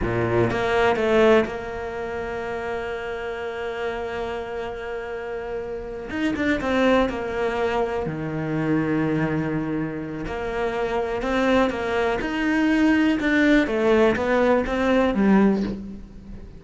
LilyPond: \new Staff \with { instrumentName = "cello" } { \time 4/4 \tempo 4 = 123 ais,4 ais4 a4 ais4~ | ais1~ | ais1~ | ais8 dis'8 d'8 c'4 ais4.~ |
ais8 dis2.~ dis8~ | dis4 ais2 c'4 | ais4 dis'2 d'4 | a4 b4 c'4 g4 | }